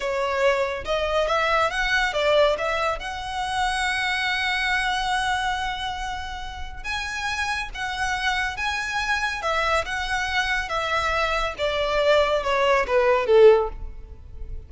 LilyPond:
\new Staff \with { instrumentName = "violin" } { \time 4/4 \tempo 4 = 140 cis''2 dis''4 e''4 | fis''4 d''4 e''4 fis''4~ | fis''1~ | fis''1 |
gis''2 fis''2 | gis''2 e''4 fis''4~ | fis''4 e''2 d''4~ | d''4 cis''4 b'4 a'4 | }